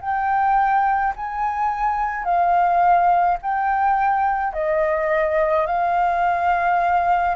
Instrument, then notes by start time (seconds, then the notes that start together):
flute
0.00 G5
1.16 G#5
2.24 F5
3.42 G5
4.53 D#5
5.66 F5